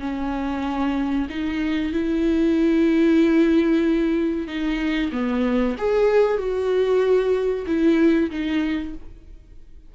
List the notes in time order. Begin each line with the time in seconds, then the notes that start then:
0.00 C#4
1.30 D#4
1.93 E4
4.47 D#4
5.12 B3
5.78 G#4
6.38 F#4
7.67 E4
8.31 D#4